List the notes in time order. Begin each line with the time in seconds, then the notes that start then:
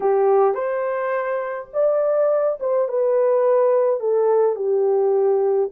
0.00 G4
0.54 C5
1.73 D5
2.60 C5
2.88 B4
4.00 A4
4.55 G4